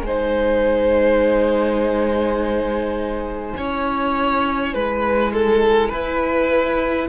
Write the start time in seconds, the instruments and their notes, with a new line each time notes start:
0.00 cello G#3, violin C5 G#5
0.07 viola D#4
3.57 cello C#4, viola E4, violin C#5
4.73 cello G#3, violin B4
5.33 violin A4
5.89 cello E4, violin B4